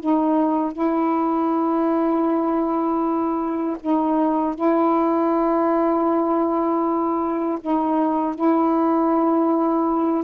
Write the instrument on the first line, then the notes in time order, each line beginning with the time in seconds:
saxophone
0.00 D#4
0.73 E4
3.80 D#4
4.55 E4
7.61 D#4
8.35 E4